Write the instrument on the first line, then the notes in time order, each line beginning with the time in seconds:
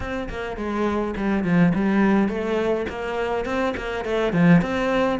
cello
0.00 C4
0.29 A#3
0.56 G#3
1.16 G3
1.44 F3
1.75 G3
2.28 A3
2.89 A#3
3.45 C4
3.76 A#3
4.04 A3
4.32 F3
4.61 C4